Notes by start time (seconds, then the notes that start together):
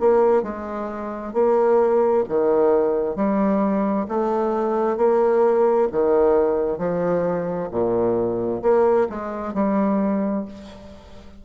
0.00 A#3
0.43 G#3
1.33 A#3
2.29 D#3
3.16 G3
4.08 A3
4.97 A#3
5.92 D#3
6.79 F3
7.71 A#2
8.62 A#3
9.10 G#3
9.54 G3